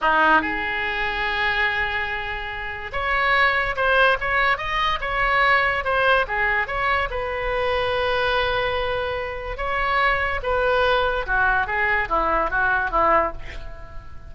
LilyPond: \new Staff \with { instrumentName = "oboe" } { \time 4/4 \tempo 4 = 144 dis'4 gis'2.~ | gis'2. cis''4~ | cis''4 c''4 cis''4 dis''4 | cis''2 c''4 gis'4 |
cis''4 b'2.~ | b'2. cis''4~ | cis''4 b'2 fis'4 | gis'4 e'4 fis'4 e'4 | }